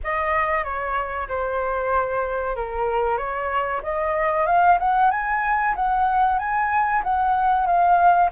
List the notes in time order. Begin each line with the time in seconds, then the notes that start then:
0.03 D#5
0.64 C#5
1.28 C5
2.55 A#4
3.17 C#5
3.82 D#5
4.46 F5
4.79 F#5
5.11 G#5
5.75 F#5
6.38 G#5
7.03 F#5
7.66 F5